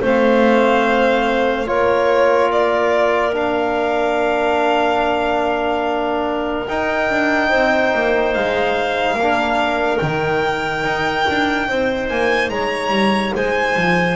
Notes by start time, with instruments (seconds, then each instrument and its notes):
0.00 double bass A3, trombone C4, clarinet C5, violin F5
1.65 double bass A#3, trombone F4, clarinet A#4, violin C#5
2.51 violin D5
3.32 trombone D4, violin F5
6.67 double bass D#4, trombone D#4, violin G5
7.10 double bass D4
7.48 double bass C4, clarinet C5
7.94 double bass A#3
8.33 double bass G#3, violin F5
9.14 double bass A#3, clarinet A#4
9.21 trombone D4
9.97 double bass D#3, trombone D#4, violin G5
10.84 double bass D#4
11.29 double bass D4
11.68 double bass C4, clarinet C5
12.09 double bass A#3, violin G#5
12.49 double bass G#3, clarinet C#5, violin A#5
12.90 double bass G3
13.34 double bass G#3, clarinet C5, violin G#5
13.76 double bass F3